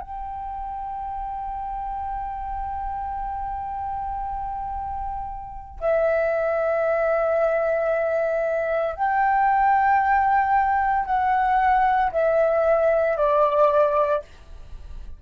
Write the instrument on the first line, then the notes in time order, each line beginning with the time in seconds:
flute
0.00 G5
5.80 E5
8.95 G5
11.05 F#5
12.11 E5
13.17 D5